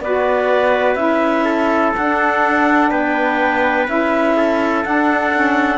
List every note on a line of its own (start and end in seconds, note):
0.00 0.95 B3
0.00 0.97 F#4
0.00 1.45 B4
0.00 0.95 D5
0.95 1.92 C#4
0.95 1.94 E4
0.95 1.92 E5
1.45 2.90 A4
1.96 2.91 D4
1.96 3.87 D4
1.96 2.91 F#5
2.90 3.88 B3
2.90 4.35 B4
2.90 3.87 G5
3.87 4.84 C#4
3.87 4.84 E4
3.87 4.84 E5
4.36 5.78 A4
4.84 5.32 D4
4.84 5.78 D4
4.84 5.78 F#5
5.32 5.78 C#4